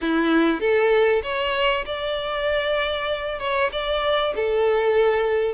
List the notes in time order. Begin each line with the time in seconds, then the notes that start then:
0.01 E4
0.60 A4
1.23 C#5
1.85 D5
3.39 C#5
3.72 D5
4.35 A4